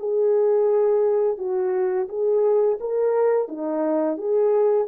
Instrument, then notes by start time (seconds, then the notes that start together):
horn
0.00 G#4
1.38 F#4
2.09 G#4
2.80 A#4
3.49 D#4
4.18 G#4